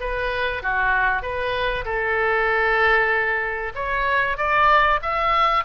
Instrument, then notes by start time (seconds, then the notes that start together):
oboe
0.00 B4
0.62 F#4
1.22 B4
1.85 A4
3.75 C#5
4.37 D5
5.02 E5